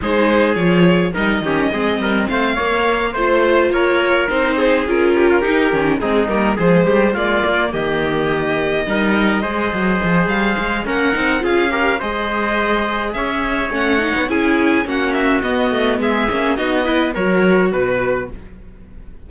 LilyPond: <<
  \new Staff \with { instrumentName = "violin" } { \time 4/4 \tempo 4 = 105 c''4 cis''4 dis''2 | f''4. c''4 cis''4 c''8~ | c''8 ais'2 gis'8 ais'8 c''8~ | c''8 d''4 dis''2~ dis''8~ |
dis''2 f''4 fis''4 | f''4 dis''2 e''4 | fis''4 gis''4 fis''8 e''8 dis''4 | e''4 dis''4 cis''4 b'4 | }
  \new Staff \with { instrumentName = "trumpet" } { \time 4/4 gis'2 ais'8 g'8 gis'8 ais'8 | c''8 cis''4 c''4 ais'4. | gis'4 g'16 f'16 g'4 dis'4 gis'8 | g'8 f'4 g'2 ais'8~ |
ais'8 c''2~ c''8 ais'4 | gis'8 ais'8 c''2 cis''4~ | cis''4 gis'4 fis'2 | gis'4 fis'8 b'8 ais'4 b'4 | }
  \new Staff \with { instrumentName = "viola" } { \time 4/4 dis'4 f'4 dis'8 cis'8 c'4~ | c'8 ais4 f'2 dis'8~ | dis'8 f'4 dis'8 cis'8 c'8 ais8 gis8~ | gis8 ais2. dis'8~ |
dis'8 gis'2~ gis'8 cis'8 dis'8 | f'8 g'8 gis'2. | cis'8 dis'8 e'4 cis'4 b4~ | b8 cis'8 dis'8 e'8 fis'2 | }
  \new Staff \with { instrumentName = "cello" } { \time 4/4 gis4 f4 g8 dis8 gis8 g8 | a8 ais4 a4 ais4 c'8~ | c'8 cis'4 dis'8 dis8 gis8 g8 f8 | g8 gis8 ais8 dis2 g8~ |
g8 gis8 fis8 f8 g8 gis8 ais8 c'8 | cis'4 gis2 cis'4 | a8. b16 cis'4 ais4 b8 a8 | gis8 ais8 b4 fis4 b,4 | }
>>